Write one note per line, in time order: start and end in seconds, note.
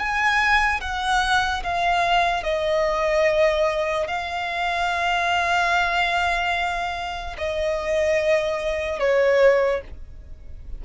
0.00 0.81 G#5
0.81 1.64 F#5
1.64 2.44 F5
2.44 4.08 D#5
4.08 7.37 F5
7.38 9.00 D#5
9.00 9.82 C#5